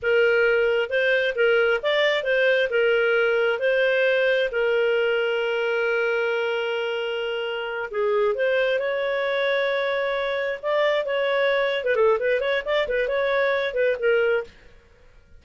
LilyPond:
\new Staff \with { instrumentName = "clarinet" } { \time 4/4 \tempo 4 = 133 ais'2 c''4 ais'4 | d''4 c''4 ais'2 | c''2 ais'2~ | ais'1~ |
ais'4. gis'4 c''4 cis''8~ | cis''2.~ cis''8 d''8~ | d''8 cis''4.~ cis''16 b'16 a'8 b'8 cis''8 | d''8 b'8 cis''4. b'8 ais'4 | }